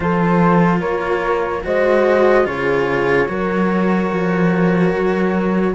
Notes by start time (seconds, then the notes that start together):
0.00 F3 F4 A4 C5
0.80 A#3 A#4 C#5
1.63 G#3 F#4 C5 D#5
2.44 C#3 F4 G#4 C#5
3.28 F#3 F#4 A#4
4.11 F3
4.93 F#3